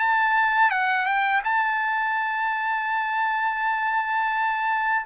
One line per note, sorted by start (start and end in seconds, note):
0.00 0.71 A5
0.71 1.06 F#5
1.06 1.42 G5
1.45 5.06 A5